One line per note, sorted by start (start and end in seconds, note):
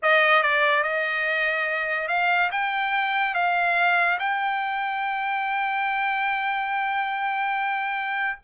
0.02 0.42 D#5
0.42 0.83 D5
0.83 2.08 D#5
2.08 2.50 F5
2.51 3.34 G5
3.34 4.18 F5
4.19 8.39 G5